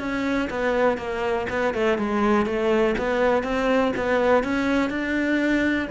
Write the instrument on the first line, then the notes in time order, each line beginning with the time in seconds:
cello
0.00 C#4
0.50 B3
0.98 A#3
1.50 B3
1.74 A3
1.98 G#3
2.46 A3
2.98 B3
3.44 C4
3.97 B3
4.44 C#4
4.90 D4